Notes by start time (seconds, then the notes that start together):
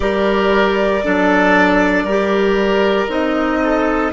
0.00 G3 G4 A#4 D5
1.04 F#3 D4 A4
2.03 G3 G4 A#4
3.08 C4 D#4 D#5
3.63 A4